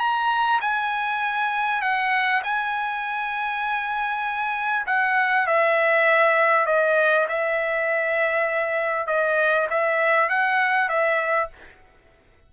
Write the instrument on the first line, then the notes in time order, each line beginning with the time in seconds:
trumpet
0.00 A#5
0.61 G#5
1.82 F#5
2.44 G#5
4.87 F#5
5.48 E5
6.67 D#5
7.29 E5
9.07 D#5
9.71 E5
10.30 F#5
10.89 E5